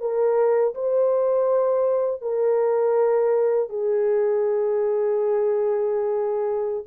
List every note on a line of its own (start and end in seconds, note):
0.00 0.74 A#4
0.74 2.21 C5
2.21 3.69 A#4
3.69 6.84 G#4